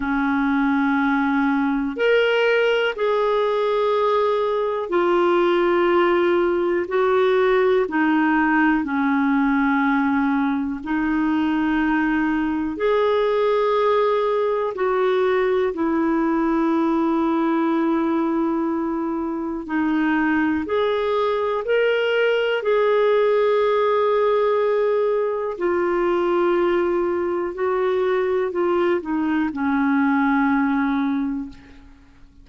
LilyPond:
\new Staff \with { instrumentName = "clarinet" } { \time 4/4 \tempo 4 = 61 cis'2 ais'4 gis'4~ | gis'4 f'2 fis'4 | dis'4 cis'2 dis'4~ | dis'4 gis'2 fis'4 |
e'1 | dis'4 gis'4 ais'4 gis'4~ | gis'2 f'2 | fis'4 f'8 dis'8 cis'2 | }